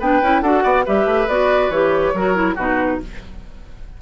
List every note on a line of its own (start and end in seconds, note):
0.00 0.21 B3
0.00 0.23 D4
0.00 0.42 B4
0.00 0.42 G5
0.22 0.42 C#4
0.22 0.44 E4
0.42 0.64 D4
0.42 0.86 F#4
0.42 0.64 A4
0.42 0.85 F#5
0.64 0.86 B3
0.64 0.85 D5
0.86 1.06 G3
0.86 1.28 G4
0.86 2.14 B4
0.86 1.29 E5
1.06 1.27 A3
1.28 1.70 B3
1.28 1.72 F#4
1.28 1.71 D5
1.70 2.12 E3
1.70 2.15 G4
1.70 2.57 C#5
2.15 2.57 F#3
2.15 2.35 F#4
2.15 2.55 A#4
2.35 2.56 E4
2.55 3.00 B2
2.55 3.02 D#4
2.55 2.98 F#4
2.55 3.01 B4